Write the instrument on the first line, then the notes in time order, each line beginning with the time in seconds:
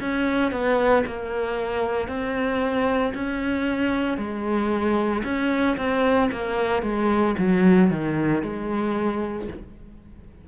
cello
0.00 C#4
0.52 B3
1.06 A#3
2.08 C4
3.15 C#4
4.18 G#3
5.24 C#4
5.78 C4
6.32 A#3
6.83 G#3
7.38 F#3
7.90 D#3
8.43 G#3